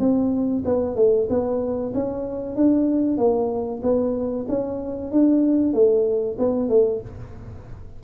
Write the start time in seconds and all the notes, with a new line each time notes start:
0.00 C4
0.66 B3
0.96 A3
1.30 B3
1.95 C#4
2.56 D4
3.18 A#3
3.83 B3
4.49 C#4
5.12 D4
5.74 A3
6.39 B3
6.69 A3